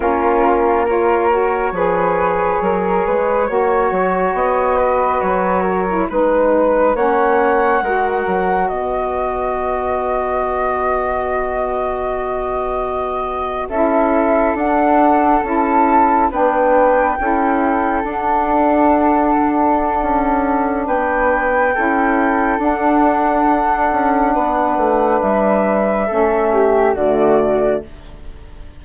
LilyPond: <<
  \new Staff \with { instrumentName = "flute" } { \time 4/4 \tempo 4 = 69 ais'4 cis''2.~ | cis''4 dis''4 cis''4 b'4 | fis''2 dis''2~ | dis''2.~ dis''8. e''16~ |
e''8. fis''4 a''4 g''4~ g''16~ | g''8. fis''2.~ fis''16 | g''2 fis''2~ | fis''4 e''2 d''4 | }
  \new Staff \with { instrumentName = "flute" } { \time 4/4 f'4 ais'4 b'4 ais'8 b'8 | cis''4. b'4 ais'8 b'4 | cis''4 ais'4 b'2~ | b'2.~ b'8. a'16~ |
a'2~ a'8. b'4 a'16~ | a'1 | b'4 a'2. | b'2 a'8 g'8 fis'4 | }
  \new Staff \with { instrumentName = "saxophone" } { \time 4/4 cis'4 f'8 fis'8 gis'2 | fis'2~ fis'8. e'16 dis'4 | cis'4 fis'2.~ | fis'2.~ fis'8. e'16~ |
e'8. d'4 e'4 d'4 e'16~ | e'8. d'2.~ d'16~ | d'4 e'4 d'2~ | d'2 cis'4 a4 | }
  \new Staff \with { instrumentName = "bassoon" } { \time 4/4 ais2 f4 fis8 gis8 | ais8 fis8 b4 fis4 gis4 | ais4 gis8 fis8 b2~ | b2.~ b8. cis'16~ |
cis'8. d'4 cis'4 b4 cis'16~ | cis'8. d'2~ d'16 cis'4 | b4 cis'4 d'4. cis'8 | b8 a8 g4 a4 d4 | }
>>